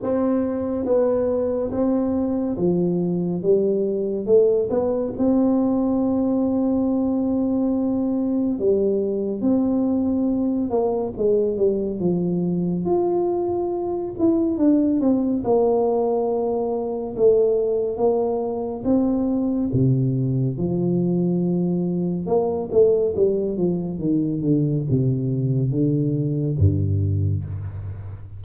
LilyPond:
\new Staff \with { instrumentName = "tuba" } { \time 4/4 \tempo 4 = 70 c'4 b4 c'4 f4 | g4 a8 b8 c'2~ | c'2 g4 c'4~ | c'8 ais8 gis8 g8 f4 f'4~ |
f'8 e'8 d'8 c'8 ais2 | a4 ais4 c'4 c4 | f2 ais8 a8 g8 f8 | dis8 d8 c4 d4 g,4 | }